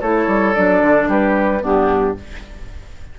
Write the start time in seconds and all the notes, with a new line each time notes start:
0.00 A3 E4 A4 C#5
0.27 G3
0.54 F#3 D4 D5
0.81 D3
1.07 G3 G4 B4
1.60 G2 B3 D4 G4